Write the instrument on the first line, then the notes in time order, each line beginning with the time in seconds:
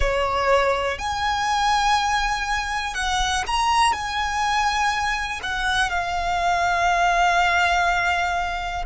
violin
0.00 C#5
0.98 G#5
2.94 F#5
3.46 A#5
3.92 G#5
5.42 F#5
5.90 F5